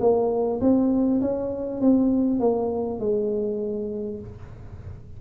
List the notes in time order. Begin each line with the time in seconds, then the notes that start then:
0.00 A#3
0.61 C4
1.22 C#4
1.81 C4
2.40 A#3
3.00 G#3